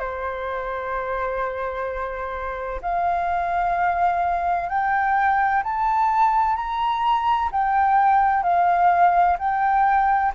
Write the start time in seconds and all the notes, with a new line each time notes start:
0.00 C5
2.82 F5
4.69 G5
5.63 A5
6.56 A#5
7.52 G5
8.43 F5
9.39 G5